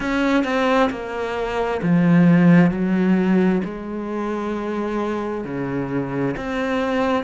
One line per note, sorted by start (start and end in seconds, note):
0.00 0.43 C#4
0.43 0.89 C4
0.90 1.81 A#3
1.82 2.70 F3
2.70 3.61 F#3
3.64 5.44 G#3
5.44 6.35 C#3
6.36 7.24 C4